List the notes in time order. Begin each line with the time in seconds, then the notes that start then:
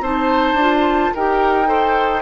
0.00 C4 D#4 C5 A5
0.54 D4 F4
1.14 D#4 G4 A#4 G5
1.66 A4 C5